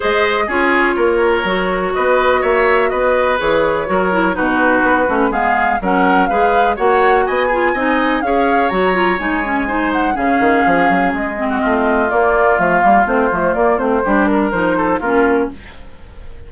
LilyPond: <<
  \new Staff \with { instrumentName = "flute" } { \time 4/4 \tempo 4 = 124 dis''4 cis''2. | dis''4 e''4 dis''4 cis''4~ | cis''4 b'2 f''4 | fis''4 f''4 fis''4 gis''4~ |
gis''4 f''4 ais''4 gis''4~ | gis''8 fis''8 f''2 dis''4~ | dis''4 d''4 f''4 c''4 | d''8 c''4 ais'8 c''4 ais'4 | }
  \new Staff \with { instrumentName = "oboe" } { \time 4/4 c''4 gis'4 ais'2 | b'4 cis''4 b'2 | ais'4 fis'2 gis'4 | ais'4 b'4 cis''4 dis''8 gis'8 |
dis''4 cis''2. | c''4 gis'2~ gis'8. fis'16 | f'1~ | f'4 g'8 ais'4 a'8 f'4 | }
  \new Staff \with { instrumentName = "clarinet" } { \time 4/4 gis'4 f'2 fis'4~ | fis'2. gis'4 | fis'8 e'8 dis'4. cis'8 b4 | cis'4 gis'4 fis'4. f'8 |
dis'4 gis'4 fis'8 f'8 dis'8 cis'8 | dis'4 cis'2~ cis'8 c'8~ | c'4 ais4 a8 ais8 c'8 a8 | ais8 c'8 d'4 dis'4 cis'4 | }
  \new Staff \with { instrumentName = "bassoon" } { \time 4/4 gis4 cis'4 ais4 fis4 | b4 ais4 b4 e4 | fis4 b,4 b8 a8 gis4 | fis4 gis4 ais4 b4 |
c'4 cis'4 fis4 gis4~ | gis4 cis8 dis8 f8 fis8 gis4 | a4 ais4 f8 g8 a8 f8 | ais8 a8 g4 f4 ais4 | }
>>